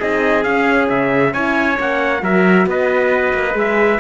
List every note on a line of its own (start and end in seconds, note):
0.00 0.45 C4
0.00 0.46 D#4
0.00 1.33 G#4
0.00 0.44 D#5
0.44 0.89 C#4
0.44 1.34 C#4
0.44 0.88 F5
0.89 1.34 C#3
0.89 1.34 E5
1.33 1.79 C#4
1.33 1.75 E4
1.33 2.21 C#5
1.33 1.78 G#5
1.75 2.22 A#3
1.75 2.19 C#4
1.75 2.24 F#5
2.21 2.66 F#3
2.21 3.52 F#4
2.21 2.67 A#4
2.21 2.68 E5
2.66 3.33 B3
2.66 4.00 B4
2.66 3.58 D#5
3.34 3.54 A#3
3.52 3.99 G#3
3.52 3.97 G#4
3.58 4.00 E5